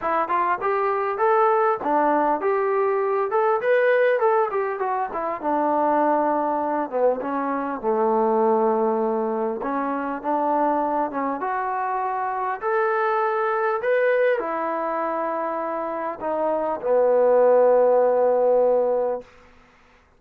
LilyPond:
\new Staff \with { instrumentName = "trombone" } { \time 4/4 \tempo 4 = 100 e'8 f'8 g'4 a'4 d'4 | g'4. a'8 b'4 a'8 g'8 | fis'8 e'8 d'2~ d'8 b8 | cis'4 a2. |
cis'4 d'4. cis'8 fis'4~ | fis'4 a'2 b'4 | e'2. dis'4 | b1 | }